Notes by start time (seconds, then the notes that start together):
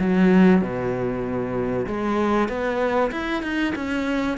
0.00 F#3
0.62 B2
1.87 G#3
2.49 B3
3.12 E4
3.43 D#4
3.76 C#4